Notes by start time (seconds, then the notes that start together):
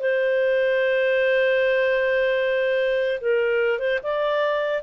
0.00 C5
3.21 A#4
3.80 C5
4.04 D5